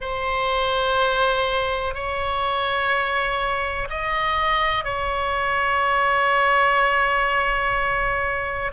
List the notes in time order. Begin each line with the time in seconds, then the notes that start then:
0.00 C5
1.94 C#5
3.89 D#5
4.84 C#5